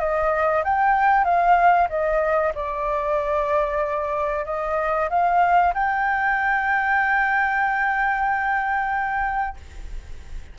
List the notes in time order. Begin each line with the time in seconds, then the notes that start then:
0.00 D#5
0.64 G5
1.25 F5
1.90 D#5
2.55 D5
4.46 D#5
5.10 F5
5.74 G5